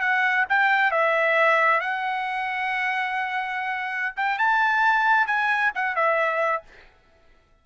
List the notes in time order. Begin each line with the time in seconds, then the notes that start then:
0.00 F#5
0.49 G5
0.91 E5
1.80 F#5
4.16 G5
4.38 A5
5.26 G#5
5.74 F#5
5.95 E5